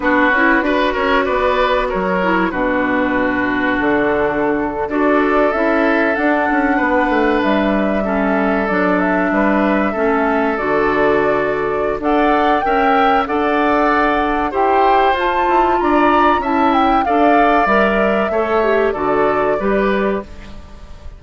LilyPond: <<
  \new Staff \with { instrumentName = "flute" } { \time 4/4 \tempo 4 = 95 b'4. cis''8 d''4 cis''4 | b'2 a'4.~ a'16 d''16~ | d''8. e''4 fis''2 e''16~ | e''4.~ e''16 d''8 e''4.~ e''16~ |
e''8. d''2~ d''16 fis''4 | g''4 fis''2 g''4 | a''4 ais''4 a''8 g''8 f''4 | e''2 d''2 | }
  \new Staff \with { instrumentName = "oboe" } { \time 4/4 fis'4 b'8 ais'8 b'4 ais'4 | fis'2.~ fis'8. a'16~ | a'2~ a'8. b'4~ b'16~ | b'8. a'2 b'4 a'16~ |
a'2. d''4 | e''4 d''2 c''4~ | c''4 d''4 e''4 d''4~ | d''4 cis''4 a'4 b'4 | }
  \new Staff \with { instrumentName = "clarinet" } { \time 4/4 d'8 e'8 fis'2~ fis'8 e'8 | d'2.~ d'8. fis'16~ | fis'8. e'4 d'2~ d'16~ | d'8. cis'4 d'2 cis'16~ |
cis'8. fis'2~ fis'16 a'4 | ais'4 a'2 g'4 | f'2 e'4 a'4 | ais'4 a'8 g'8 fis'4 g'4 | }
  \new Staff \with { instrumentName = "bassoon" } { \time 4/4 b8 cis'8 d'8 cis'8 b4 fis4 | b,2 d4.~ d16 d'16~ | d'8. cis'4 d'8 cis'8 b8 a8 g16~ | g4.~ g16 fis4 g4 a16~ |
a8. d2~ d16 d'4 | cis'4 d'2 e'4 | f'8 e'8 d'4 cis'4 d'4 | g4 a4 d4 g4 | }
>>